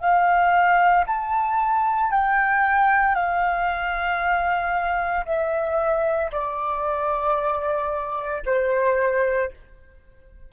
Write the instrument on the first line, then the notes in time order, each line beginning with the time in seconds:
flute
0.00 F5
1.07 A5
2.11 G5
3.15 F5
5.26 E5
6.32 D5
8.46 C5